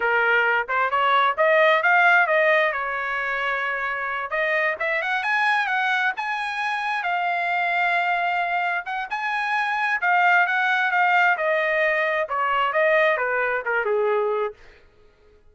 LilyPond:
\new Staff \with { instrumentName = "trumpet" } { \time 4/4 \tempo 4 = 132 ais'4. c''8 cis''4 dis''4 | f''4 dis''4 cis''2~ | cis''4. dis''4 e''8 fis''8 gis''8~ | gis''8 fis''4 gis''2 f''8~ |
f''2.~ f''8 fis''8 | gis''2 f''4 fis''4 | f''4 dis''2 cis''4 | dis''4 b'4 ais'8 gis'4. | }